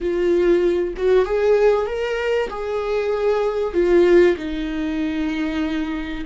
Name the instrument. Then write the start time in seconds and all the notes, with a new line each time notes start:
viola
0.00 F4
0.96 F#4
1.25 G#4
1.86 A#4
2.49 G#4
3.73 F4
4.37 D#4